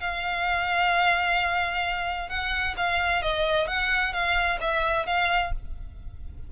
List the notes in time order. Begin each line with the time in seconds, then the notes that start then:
0.00 F5
2.29 F#5
2.77 F5
3.22 D#5
3.67 F#5
4.13 F5
4.60 E5
5.06 F5